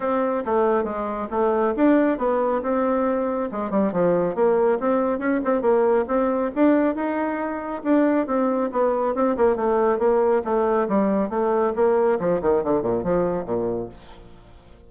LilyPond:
\new Staff \with { instrumentName = "bassoon" } { \time 4/4 \tempo 4 = 138 c'4 a4 gis4 a4 | d'4 b4 c'2 | gis8 g8 f4 ais4 c'4 | cis'8 c'8 ais4 c'4 d'4 |
dis'2 d'4 c'4 | b4 c'8 ais8 a4 ais4 | a4 g4 a4 ais4 | f8 dis8 d8 ais,8 f4 ais,4 | }